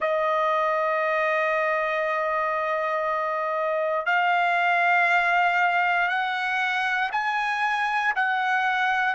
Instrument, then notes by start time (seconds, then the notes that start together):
trumpet
0.00 D#5
4.05 F5
6.08 F#5
7.12 G#5
8.15 F#5